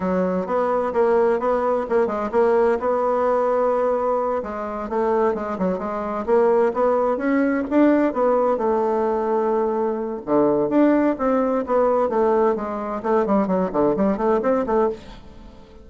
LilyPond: \new Staff \with { instrumentName = "bassoon" } { \time 4/4 \tempo 4 = 129 fis4 b4 ais4 b4 | ais8 gis8 ais4 b2~ | b4. gis4 a4 gis8 | fis8 gis4 ais4 b4 cis'8~ |
cis'8 d'4 b4 a4.~ | a2 d4 d'4 | c'4 b4 a4 gis4 | a8 g8 fis8 d8 g8 a8 c'8 a8 | }